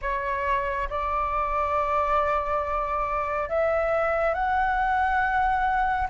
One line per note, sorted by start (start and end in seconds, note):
0.01 0.88 C#5
0.89 3.49 D5
3.49 4.34 E5
4.34 6.08 F#5